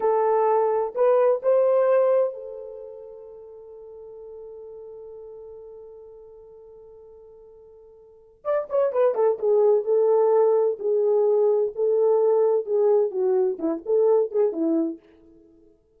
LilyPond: \new Staff \with { instrumentName = "horn" } { \time 4/4 \tempo 4 = 128 a'2 b'4 c''4~ | c''4 a'2.~ | a'1~ | a'1~ |
a'2 d''8 cis''8 b'8 a'8 | gis'4 a'2 gis'4~ | gis'4 a'2 gis'4 | fis'4 e'8 a'4 gis'8 e'4 | }